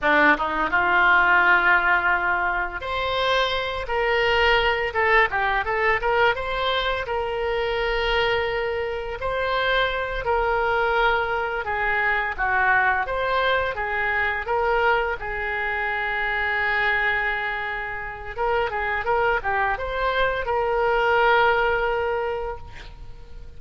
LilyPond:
\new Staff \with { instrumentName = "oboe" } { \time 4/4 \tempo 4 = 85 d'8 dis'8 f'2. | c''4. ais'4. a'8 g'8 | a'8 ais'8 c''4 ais'2~ | ais'4 c''4. ais'4.~ |
ais'8 gis'4 fis'4 c''4 gis'8~ | gis'8 ais'4 gis'2~ gis'8~ | gis'2 ais'8 gis'8 ais'8 g'8 | c''4 ais'2. | }